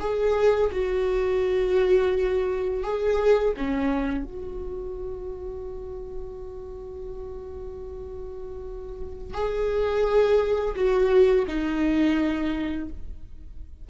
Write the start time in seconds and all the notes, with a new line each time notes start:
0.00 G#4
0.72 F#4
2.83 G#4
3.57 C#4
4.24 F#4
9.34 G#4
10.75 F#4
11.47 D#4